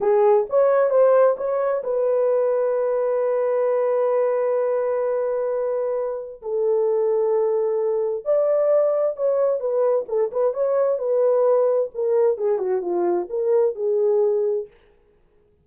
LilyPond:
\new Staff \with { instrumentName = "horn" } { \time 4/4 \tempo 4 = 131 gis'4 cis''4 c''4 cis''4 | b'1~ | b'1~ | b'2 a'2~ |
a'2 d''2 | cis''4 b'4 a'8 b'8 cis''4 | b'2 ais'4 gis'8 fis'8 | f'4 ais'4 gis'2 | }